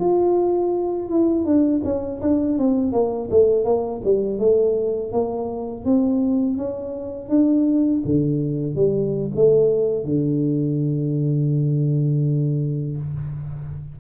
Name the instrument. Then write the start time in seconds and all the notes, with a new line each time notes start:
tuba
0.00 F4
1.09 E4
1.45 D4
1.85 C#4
2.22 D4
2.58 C4
2.93 A#3
3.31 A3
3.65 A#3
4.04 G3
4.39 A3
5.13 A#3
5.85 C4
6.58 C#4
7.29 D4
8.05 D3
8.76 G3
9.36 A3
10.05 D3